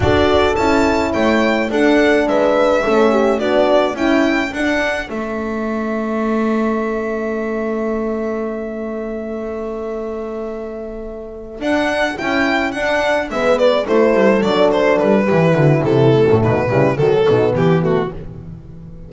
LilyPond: <<
  \new Staff \with { instrumentName = "violin" } { \time 4/4 \tempo 4 = 106 d''4 a''4 g''4 fis''4 | e''2 d''4 g''4 | fis''4 e''2.~ | e''1~ |
e''1~ | e''8 fis''4 g''4 fis''4 e''8 | d''8 c''4 d''8 c''8 b'4. | a'4 b'4 a'4 g'8 fis'8 | }
  \new Staff \with { instrumentName = "horn" } { \time 4/4 a'2 cis''4 a'4 | b'4 a'8 g'8 fis'4 e'4 | a'1~ | a'1~ |
a'1~ | a'2.~ a'8 b'8~ | b'8 a'2~ a'8 g'8 fis'8 | e'4 dis'8 e'8 fis'8 dis'8 b4 | }
  \new Staff \with { instrumentName = "horn" } { \time 4/4 fis'4 e'2 d'4~ | d'4 cis'4 d'4 e'4 | d'4 cis'2.~ | cis'1~ |
cis'1~ | cis'8 d'4 e'4 d'4 b8~ | b8 e'4 d'4. e'4~ | e'16 e16 a4 g8 fis8 b4 a8 | }
  \new Staff \with { instrumentName = "double bass" } { \time 4/4 d'4 cis'4 a4 d'4 | gis4 a4 b4 cis'4 | d'4 a2.~ | a1~ |
a1~ | a8 d'4 cis'4 d'4 gis8~ | gis8 a8 g8 fis4 g8 e8 d8 | c8. a,16 b,8 cis8 dis8 b,8 e4 | }
>>